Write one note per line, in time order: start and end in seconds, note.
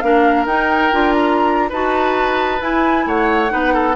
0.00 0.46 A#3
0.00 0.48 D4
0.00 1.69 A#4
0.00 0.45 F5
0.46 0.91 D#4
0.46 0.92 D#4
0.46 1.13 G5
0.92 1.71 D4
0.92 1.71 F4
1.13 1.69 A#5
1.69 2.61 D#4
1.69 2.59 F#4
1.69 3.05 B4
1.69 2.62 A5
2.59 3.49 E4
2.59 3.06 E4
2.59 3.07 G#5
3.06 3.51 A3
3.06 3.52 C#5
3.06 3.96 F#5
3.49 3.96 B3
3.49 3.94 D#4
3.49 3.73 B4
3.73 3.96 A4